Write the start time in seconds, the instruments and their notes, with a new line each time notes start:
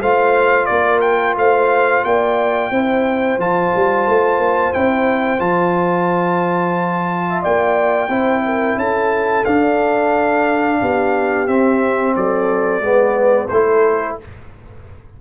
0.00 tuba A3, trombone F4, horn C5, trumpet F5
0.66 tuba A#3, trumpet D5
0.73 horn A#4
1.01 trumpet G5
1.37 tuba A3, horn C5, trumpet F5
2.04 tuba A#3, horn D5, trumpet G5
2.71 tuba C4, trombone E4, horn C5
3.38 tuba F3, trombone F4, trumpet A5
3.76 tuba G3
4.07 tuba A3
4.38 tuba A#3
4.73 tuba C4, trombone E4, trumpet G5
5.39 tuba F3, trombone F4, trumpet A5
7.29 horn E5
7.42 tuba A#3, horn D5, trumpet G5
8.08 tuba C4, trombone E4, horn C5
8.45 horn A#4
8.77 tuba C#4, horn A4, trumpet A5
9.45 tuba D4, trombone D4, trumpet F5
10.80 tuba B3, horn G4
11.47 trombone C4, tuba C4, trumpet E5
12.16 tuba F#3, horn A4, trumpet D5
12.80 tuba G#3, trombone B3, horn B4
13.48 tuba A3, trombone E4, horn A4, trumpet C5